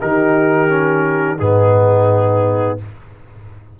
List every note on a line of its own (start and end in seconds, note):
0.00 1.40 D#3
0.00 0.68 D#4
0.00 1.39 G4
0.00 1.39 A#4
0.68 1.38 C#4
1.39 2.80 G#2
1.39 2.78 B3
1.39 2.79 D#4
1.39 2.79 G#4